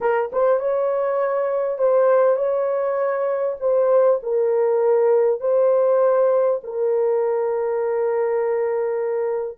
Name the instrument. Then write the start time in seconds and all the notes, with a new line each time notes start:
horn
0.00 A#4
0.32 C5
0.59 C#5
1.78 C5
2.36 C#5
3.60 C5
4.22 A#4
5.40 C5
6.63 A#4